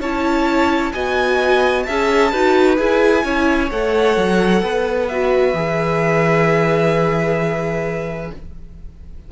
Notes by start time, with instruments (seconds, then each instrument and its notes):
0.00 cello C#4, viola E4, violin C#5 A5
0.93 cello B3, viola F#4, violin D#5 G#5
1.83 cello C#4, viola G#4, violin E5 A5
2.32 cello D#4, viola F#4, violin B4
2.77 cello E4, viola G#4, violin G#5
3.24 cello C#4, viola E4, violin C#5
3.71 cello A3, viola A4, violin F#5
4.17 cello F#3
4.62 cello B3, violin B4
5.08 viola F#4, violin E5
5.54 cello E3, viola G#4